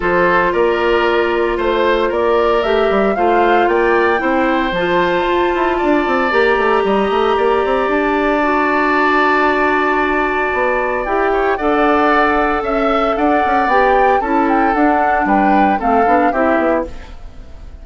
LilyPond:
<<
  \new Staff \with { instrumentName = "flute" } { \time 4/4 \tempo 4 = 114 c''4 d''2 c''4 | d''4 e''4 f''4 g''4~ | g''4 a''2. | ais''2. a''4~ |
a''1~ | a''4 g''4 fis''2 | e''4 fis''4 g''4 a''8 g''8 | fis''4 g''4 f''4 e''4 | }
  \new Staff \with { instrumentName = "oboe" } { \time 4/4 a'4 ais'2 c''4 | ais'2 c''4 d''4 | c''2. d''4~ | d''4 dis''4 d''2~ |
d''1~ | d''4. cis''8 d''2 | e''4 d''2 a'4~ | a'4 b'4 a'4 g'4 | }
  \new Staff \with { instrumentName = "clarinet" } { \time 4/4 f'1~ | f'4 g'4 f'2 | e'4 f'2. | g'1 |
fis'1~ | fis'4 g'4 a'2~ | a'2 g'4 e'4 | d'2 c'8 d'8 e'4 | }
  \new Staff \with { instrumentName = "bassoon" } { \time 4/4 f4 ais2 a4 | ais4 a8 g8 a4 ais4 | c'4 f4 f'8 e'8 d'8 c'8 | ais8 a8 g8 a8 ais8 c'8 d'4~ |
d'1 | b4 e'4 d'2 | cis'4 d'8 cis'8 b4 cis'4 | d'4 g4 a8 b8 c'8 b8 | }
>>